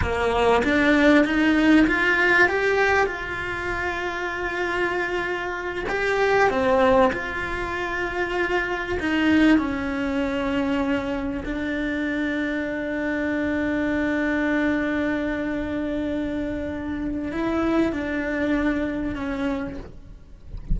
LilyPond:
\new Staff \with { instrumentName = "cello" } { \time 4/4 \tempo 4 = 97 ais4 d'4 dis'4 f'4 | g'4 f'2.~ | f'4. g'4 c'4 f'8~ | f'2~ f'8 dis'4 cis'8~ |
cis'2~ cis'8 d'4.~ | d'1~ | d'1 | e'4 d'2 cis'4 | }